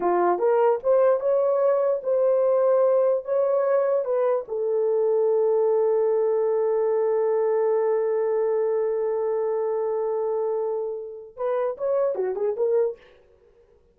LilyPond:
\new Staff \with { instrumentName = "horn" } { \time 4/4 \tempo 4 = 148 f'4 ais'4 c''4 cis''4~ | cis''4 c''2. | cis''2 b'4 a'4~ | a'1~ |
a'1~ | a'1~ | a'1 | b'4 cis''4 fis'8 gis'8 ais'4 | }